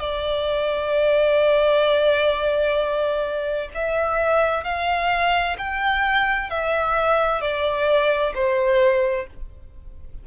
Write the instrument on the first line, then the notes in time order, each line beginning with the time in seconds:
violin
0.00 D5
3.75 E5
4.64 F5
5.58 G5
6.50 E5
7.41 D5
8.35 C5